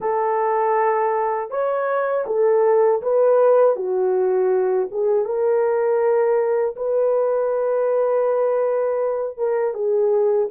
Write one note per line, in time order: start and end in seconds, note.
0.00 1.50 A4
1.50 2.25 C#5
2.26 3.01 A4
3.01 3.76 B4
3.76 4.88 F#4
4.91 5.25 G#4
5.25 6.75 A#4
6.75 9.37 B4
9.37 9.74 A#4
9.74 10.49 G#4